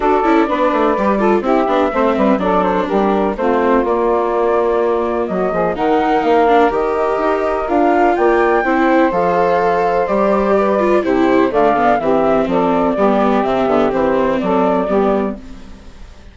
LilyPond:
<<
  \new Staff \with { instrumentName = "flute" } { \time 4/4 \tempo 4 = 125 d''2. e''4~ | e''4 d''8 c''8 ais'4 c''4 | d''2. dis''4 | fis''4 f''4 dis''2 |
f''4 g''2 f''4~ | f''4 d''2 c''4 | f''4 e''4 d''2 | e''4 c''4 d''2 | }
  \new Staff \with { instrumentName = "saxophone" } { \time 4/4 a'4 b'4. a'8 g'4 | c''8 b'8 a'4 g'4 f'4~ | f'2. fis'8 gis'8 | ais'1~ |
ais'4 d''4 c''2~ | c''2 b'4 g'4 | d''4 g'4 a'4 g'4~ | g'2 a'4 g'4 | }
  \new Staff \with { instrumentName = "viola" } { \time 4/4 fis'8 e'8 d'4 g'8 f'8 e'8 d'8 | c'4 d'2 c'4 | ais1 | dis'4. d'8 g'2 |
f'2 e'4 a'4~ | a'4 g'4. f'8 e'4 | a8 b8 c'2 b4 | c'8 b8 c'2 b4 | }
  \new Staff \with { instrumentName = "bassoon" } { \time 4/4 d'8 cis'8 b8 a8 g4 c'8 b8 | a8 g8 fis4 g4 a4 | ais2. fis8 f8 | dis4 ais4 dis4 dis'4 |
d'4 ais4 c'4 f4~ | f4 g2 c4 | d4 e4 f4 g4 | c8 d8 e4 fis4 g4 | }
>>